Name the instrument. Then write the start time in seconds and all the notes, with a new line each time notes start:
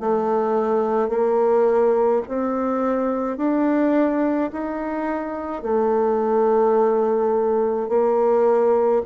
bassoon
0.00 A3
1.09 A#3
2.28 C4
3.37 D4
4.52 D#4
5.62 A3
7.89 A#3